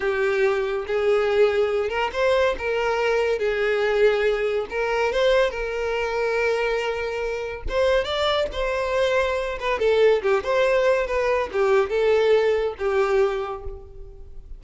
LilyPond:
\new Staff \with { instrumentName = "violin" } { \time 4/4 \tempo 4 = 141 g'2 gis'2~ | gis'8 ais'8 c''4 ais'2 | gis'2. ais'4 | c''4 ais'2.~ |
ais'2 c''4 d''4 | c''2~ c''8 b'8 a'4 | g'8 c''4. b'4 g'4 | a'2 g'2 | }